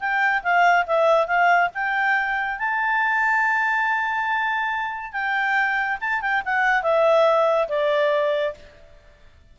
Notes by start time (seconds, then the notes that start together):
0.00 G5
0.43 F5
0.87 E5
1.27 F5
1.75 G5
2.59 A5
5.12 G5
6.01 A5
6.21 G5
6.45 F#5
6.83 E5
7.69 D5